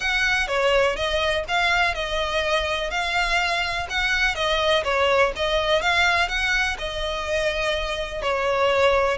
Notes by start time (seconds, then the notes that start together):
0.00 F#5
0.47 C#5
0.95 D#5
1.48 F5
1.94 D#5
2.90 F5
3.89 F#5
4.35 D#5
4.84 C#5
5.36 D#5
5.81 F5
6.28 F#5
6.78 D#5
8.21 C#5